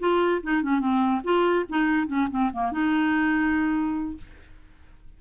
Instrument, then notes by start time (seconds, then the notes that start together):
clarinet
0.00 F4
0.43 D#4
0.63 C#4
0.80 C4
1.24 F4
1.70 D#4
2.08 C#4
2.31 C4
2.53 A#3
2.72 D#4